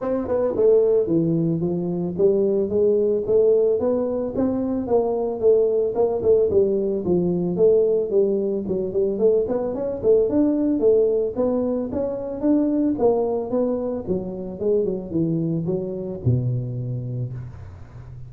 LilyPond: \new Staff \with { instrumentName = "tuba" } { \time 4/4 \tempo 4 = 111 c'8 b8 a4 e4 f4 | g4 gis4 a4 b4 | c'4 ais4 a4 ais8 a8 | g4 f4 a4 g4 |
fis8 g8 a8 b8 cis'8 a8 d'4 | a4 b4 cis'4 d'4 | ais4 b4 fis4 gis8 fis8 | e4 fis4 b,2 | }